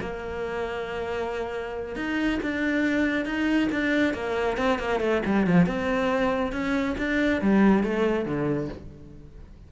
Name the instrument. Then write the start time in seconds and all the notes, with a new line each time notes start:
cello
0.00 A#3
1.95 D#4
2.42 D4
3.25 D#4
3.72 D4
4.14 A#3
4.57 C4
4.79 A#3
5.00 A3
5.25 G3
5.46 F3
5.66 C4
6.52 C#4
6.97 D4
7.41 G3
7.83 A3
8.25 D3